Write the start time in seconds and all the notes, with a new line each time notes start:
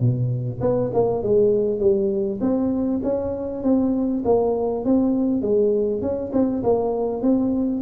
0.00 B2
0.61 B3
0.94 A#3
1.23 G#3
1.80 G3
2.41 C4
3.03 C#4
3.63 C4
4.25 A#3
4.85 C4
5.42 G#3
6.02 C#4
6.33 C4
6.64 A#3
7.22 C4